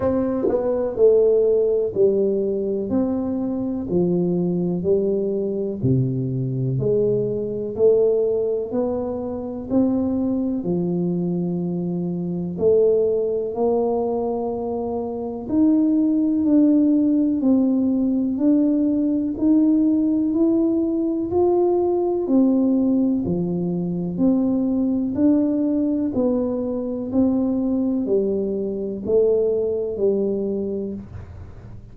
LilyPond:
\new Staff \with { instrumentName = "tuba" } { \time 4/4 \tempo 4 = 62 c'8 b8 a4 g4 c'4 | f4 g4 c4 gis4 | a4 b4 c'4 f4~ | f4 a4 ais2 |
dis'4 d'4 c'4 d'4 | dis'4 e'4 f'4 c'4 | f4 c'4 d'4 b4 | c'4 g4 a4 g4 | }